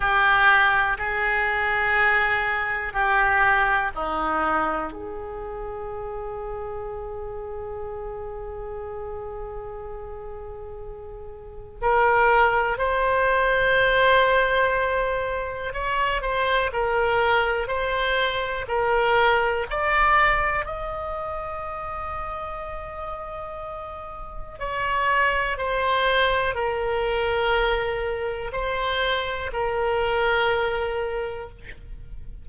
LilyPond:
\new Staff \with { instrumentName = "oboe" } { \time 4/4 \tempo 4 = 61 g'4 gis'2 g'4 | dis'4 gis'2.~ | gis'1 | ais'4 c''2. |
cis''8 c''8 ais'4 c''4 ais'4 | d''4 dis''2.~ | dis''4 cis''4 c''4 ais'4~ | ais'4 c''4 ais'2 | }